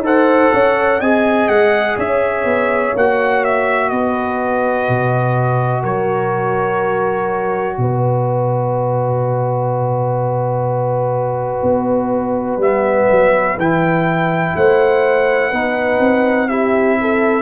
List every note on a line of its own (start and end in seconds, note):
0.00 0.48 D#4
0.00 1.00 A4
0.00 0.54 C5
0.06 1.01 F#5
0.53 1.01 C#4
0.53 0.99 C#5
0.99 1.48 C4
0.99 2.96 G#4
0.99 1.96 D#5
0.99 1.49 G#5
1.48 1.97 G#3
1.48 1.97 F#5
1.97 2.45 C#4
1.97 3.90 C#5
1.97 2.96 E5
2.45 2.93 B3
2.95 3.92 A#3
2.95 12.62 F#4
2.95 3.44 F#5
3.44 3.89 E5
3.89 4.88 B3
3.89 5.82 B4
3.89 5.83 D#5
4.88 5.84 B2
5.82 7.78 F#3
5.82 7.76 A#4
5.82 7.78 C#5
7.78 11.62 B2
7.78 14.57 B4
7.78 12.61 D#5
11.62 12.57 B3
12.57 13.06 G3
12.57 13.58 B3
12.57 13.58 E5
13.11 13.57 F#3
13.57 14.54 E3
13.57 15.53 E4
13.57 14.57 G5
14.56 15.52 A3
14.56 15.50 C5
14.56 16.49 F#5
15.50 15.99 B3
15.50 16.49 D#4
15.50 16.47 B4
15.99 17.42 C4
16.49 17.42 E4
16.49 16.98 G4
16.49 17.42 E5
17.01 17.42 A4